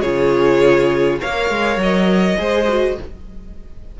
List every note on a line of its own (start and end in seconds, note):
0.00 1.20 C#3
0.00 1.21 F4
0.00 1.18 G#4
0.00 1.18 C#5
1.20 1.49 A#3
1.20 2.37 A#4
1.20 2.37 C#5
1.20 1.79 F5
1.49 1.76 G#3
1.76 2.35 F#3
1.76 2.99 D#5
2.37 2.97 G#3
2.37 2.67 G#4
2.37 2.98 C5
2.68 2.97 F#4